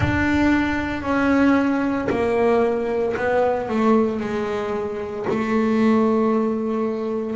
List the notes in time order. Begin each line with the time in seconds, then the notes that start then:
0.00 D4
1.02 C#4
2.09 A#3
3.16 B3
3.68 A3
4.20 G#3
5.29 A3